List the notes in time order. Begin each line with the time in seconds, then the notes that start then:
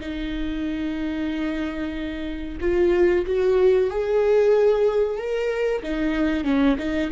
0.00 D#4
2.61 F4
3.26 F#4
3.90 G#4
5.18 A#4
5.83 D#4
6.44 C#4
6.78 D#4